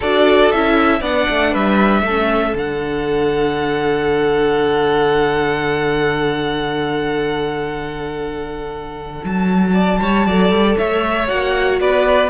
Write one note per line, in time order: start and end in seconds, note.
0.00 0.53 D4
0.00 0.53 F#4
0.00 0.99 A4
0.00 0.51 D5
0.51 1.01 C#4
0.51 1.02 E4
0.51 1.03 E5
1.00 1.26 B3
1.00 2.05 D4
1.00 1.51 D5
1.00 1.54 F#5
1.29 1.55 A3
1.51 2.02 G3
1.51 2.02 B4
1.51 2.57 E5
2.02 2.53 A3
2.02 9.73 A4
2.09 2.56 C#4
2.53 9.20 D3
2.53 10.26 D4
2.53 9.24 F#5
9.24 10.00 F#3
9.24 10.77 A5
9.73 9.99 D5
10.00 10.26 G3
10.00 10.26 C#5
10.26 10.50 F#3
10.26 11.27 A4
10.26 10.77 D5
10.50 10.75 G3
10.77 11.29 A3
10.77 11.79 C#5
10.77 11.28 E5
11.27 11.80 A#3
11.27 12.29 F#4
11.27 11.79 F#5
11.80 12.29 B3
11.80 12.29 B4
11.80 12.29 D5